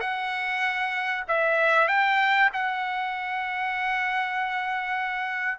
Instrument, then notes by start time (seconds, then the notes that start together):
trumpet
0.00 F#5
1.28 E5
1.88 G5
2.53 F#5